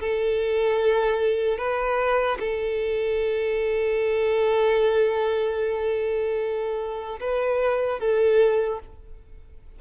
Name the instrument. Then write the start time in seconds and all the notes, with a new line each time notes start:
violin
0.00 A4
1.58 B4
2.40 A4
7.20 B4
8.00 A4